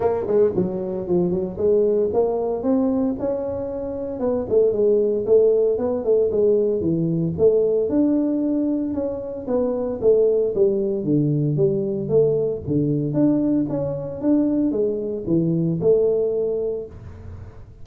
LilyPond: \new Staff \with { instrumentName = "tuba" } { \time 4/4 \tempo 4 = 114 ais8 gis8 fis4 f8 fis8 gis4 | ais4 c'4 cis'2 | b8 a8 gis4 a4 b8 a8 | gis4 e4 a4 d'4~ |
d'4 cis'4 b4 a4 | g4 d4 g4 a4 | d4 d'4 cis'4 d'4 | gis4 e4 a2 | }